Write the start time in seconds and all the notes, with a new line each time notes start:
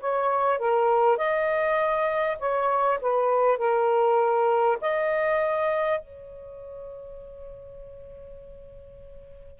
0.00 C#5
0.58 A#4
1.17 D#5
2.39 C#5
3.02 B4
3.58 A#4
4.81 D#5
6.00 C#5